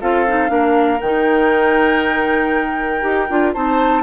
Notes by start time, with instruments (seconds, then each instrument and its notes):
0.00 bassoon C4, clarinet F4, oboe A4, flute F5
0.27 clarinet D#4
0.47 bassoon A#3, clarinet D4, oboe A#4
1.00 bassoon D#3, clarinet D#4, flute G5
3.01 bassoon D#4, clarinet G4
3.29 bassoon D4, clarinet F4
3.53 bassoon C4, clarinet D#4, oboe C5, flute A5